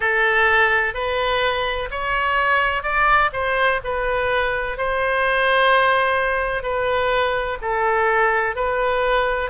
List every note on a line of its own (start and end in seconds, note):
0.00 0.94 A4
0.94 1.89 B4
1.90 2.82 C#5
2.82 3.30 D5
3.32 3.80 C5
3.84 4.77 B4
4.77 6.62 C5
6.62 7.58 B4
7.61 8.55 A4
8.55 9.50 B4